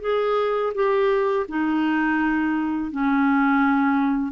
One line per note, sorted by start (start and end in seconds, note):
0.00 0.72 G#4
0.74 1.46 G4
1.48 2.91 D#4
2.91 4.31 C#4